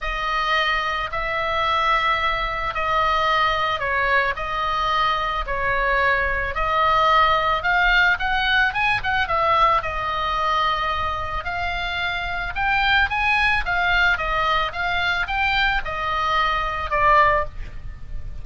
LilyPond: \new Staff \with { instrumentName = "oboe" } { \time 4/4 \tempo 4 = 110 dis''2 e''2~ | e''4 dis''2 cis''4 | dis''2 cis''2 | dis''2 f''4 fis''4 |
gis''8 fis''8 e''4 dis''2~ | dis''4 f''2 g''4 | gis''4 f''4 dis''4 f''4 | g''4 dis''2 d''4 | }